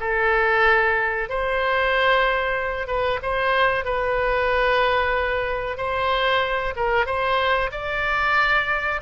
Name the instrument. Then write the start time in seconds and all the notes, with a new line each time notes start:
oboe
0.00 A4
1.29 C5
2.87 B4
3.22 C5
3.85 B4
5.77 C5
6.76 A#4
7.06 C5
7.72 D5